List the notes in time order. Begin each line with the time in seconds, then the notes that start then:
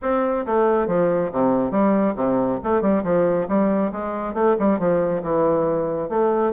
0.02 C4
0.46 A3
0.87 F3
1.32 C3
1.71 G3
2.15 C3
2.63 A3
2.81 G3
3.03 F3
3.48 G3
3.92 G#3
4.34 A3
4.59 G3
4.79 F3
5.23 E3
6.09 A3